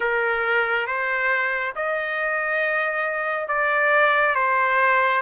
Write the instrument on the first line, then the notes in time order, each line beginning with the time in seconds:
trumpet
0.00 A#4
0.86 C5
1.75 D#5
3.48 D5
4.35 C5